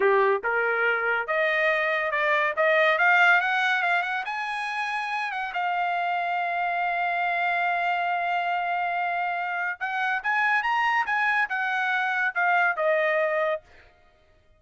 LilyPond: \new Staff \with { instrumentName = "trumpet" } { \time 4/4 \tempo 4 = 141 g'4 ais'2 dis''4~ | dis''4 d''4 dis''4 f''4 | fis''4 f''8 fis''8 gis''2~ | gis''8 fis''8 f''2.~ |
f''1~ | f''2. fis''4 | gis''4 ais''4 gis''4 fis''4~ | fis''4 f''4 dis''2 | }